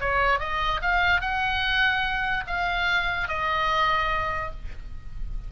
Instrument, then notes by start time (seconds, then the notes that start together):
oboe
0.00 C#5
0.39 D#5
0.81 F5
1.20 F#5
2.47 F5
3.28 D#5